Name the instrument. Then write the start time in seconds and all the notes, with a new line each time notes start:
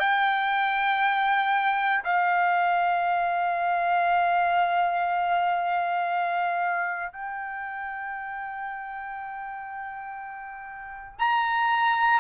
trumpet
0.00 G5
2.04 F5
7.13 G5
11.19 A#5